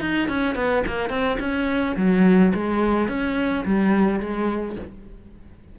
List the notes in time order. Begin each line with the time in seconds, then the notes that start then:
0.00 D#4
0.28 C#4
0.55 B3
0.86 A#3
1.09 C4
1.39 C#4
1.96 F#3
2.54 G#3
3.08 C#4
3.65 G3
4.20 G#3